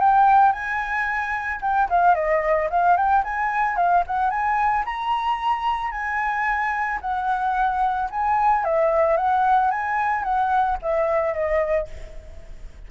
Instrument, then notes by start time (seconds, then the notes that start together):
flute
0.00 G5
0.53 G#5
1.61 G5
1.90 F5
2.15 D#5
2.71 F5
2.97 G5
3.25 G#5
3.77 F5
4.07 F#5
4.31 G#5
4.86 A#5
5.92 G#5
7.01 F#5
8.11 G#5
8.65 E5
9.17 F#5
9.71 G#5
10.24 F#5
10.82 E5
11.34 D#5